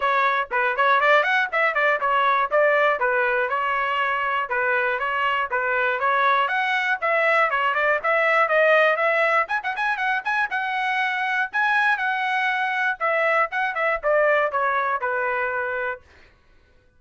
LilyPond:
\new Staff \with { instrumentName = "trumpet" } { \time 4/4 \tempo 4 = 120 cis''4 b'8 cis''8 d''8 fis''8 e''8 d''8 | cis''4 d''4 b'4 cis''4~ | cis''4 b'4 cis''4 b'4 | cis''4 fis''4 e''4 cis''8 d''8 |
e''4 dis''4 e''4 gis''16 fis''16 gis''8 | fis''8 gis''8 fis''2 gis''4 | fis''2 e''4 fis''8 e''8 | d''4 cis''4 b'2 | }